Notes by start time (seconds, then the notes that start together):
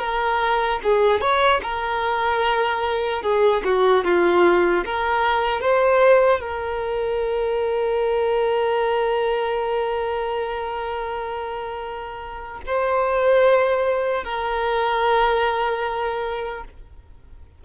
0.00 A#4
0.84 G#4
1.21 C#5
1.63 A#4
3.23 G#4
3.65 F#4
4.05 F4
4.85 A#4
5.61 C5
6.41 A#4
12.67 C5
14.24 A#4